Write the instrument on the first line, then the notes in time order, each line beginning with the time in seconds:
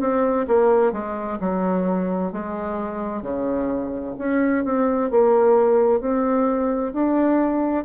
bassoon
0.00 C4
0.47 A#3
0.92 G#3
1.40 F#3
2.32 G#3
3.22 C#3
4.18 C#4
4.64 C4
5.10 A#3
6.00 C4
6.93 D4